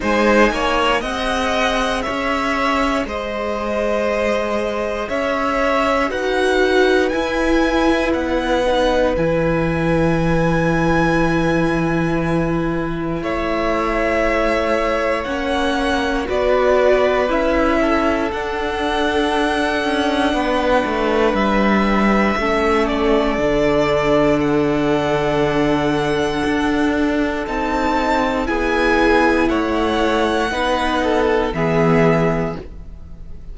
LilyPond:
<<
  \new Staff \with { instrumentName = "violin" } { \time 4/4 \tempo 4 = 59 gis''4 fis''4 e''4 dis''4~ | dis''4 e''4 fis''4 gis''4 | fis''4 gis''2.~ | gis''4 e''2 fis''4 |
d''4 e''4 fis''2~ | fis''4 e''4. d''4. | fis''2. a''4 | gis''4 fis''2 e''4 | }
  \new Staff \with { instrumentName = "violin" } { \time 4/4 c''8 cis''8 dis''4 cis''4 c''4~ | c''4 cis''4 b'2~ | b'1~ | b'4 cis''2. |
b'4. a'2~ a'8 | b'2 a'2~ | a'1 | gis'4 cis''4 b'8 a'8 gis'4 | }
  \new Staff \with { instrumentName = "viola" } { \time 4/4 dis'4 gis'2.~ | gis'2 fis'4 e'4~ | e'8 dis'8 e'2.~ | e'2. cis'4 |
fis'4 e'4 d'2~ | d'2 cis'4 d'4~ | d'2. dis'4 | e'2 dis'4 b4 | }
  \new Staff \with { instrumentName = "cello" } { \time 4/4 gis8 ais8 c'4 cis'4 gis4~ | gis4 cis'4 dis'4 e'4 | b4 e2.~ | e4 a2 ais4 |
b4 cis'4 d'4. cis'8 | b8 a8 g4 a4 d4~ | d2 d'4 c'4 | b4 a4 b4 e4 | }
>>